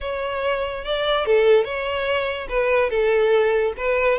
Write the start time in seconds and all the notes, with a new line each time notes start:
0.01 C#5
0.84 D5
1.25 A4
1.64 C#5
2.48 B4
2.90 A4
3.77 B4